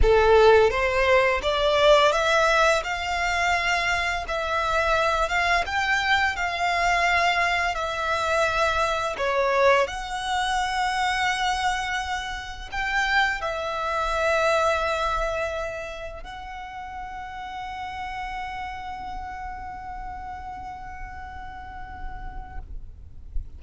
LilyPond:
\new Staff \with { instrumentName = "violin" } { \time 4/4 \tempo 4 = 85 a'4 c''4 d''4 e''4 | f''2 e''4. f''8 | g''4 f''2 e''4~ | e''4 cis''4 fis''2~ |
fis''2 g''4 e''4~ | e''2. fis''4~ | fis''1~ | fis''1 | }